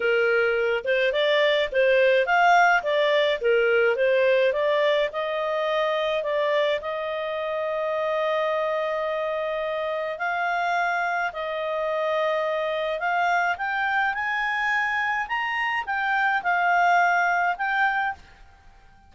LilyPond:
\new Staff \with { instrumentName = "clarinet" } { \time 4/4 \tempo 4 = 106 ais'4. c''8 d''4 c''4 | f''4 d''4 ais'4 c''4 | d''4 dis''2 d''4 | dis''1~ |
dis''2 f''2 | dis''2. f''4 | g''4 gis''2 ais''4 | g''4 f''2 g''4 | }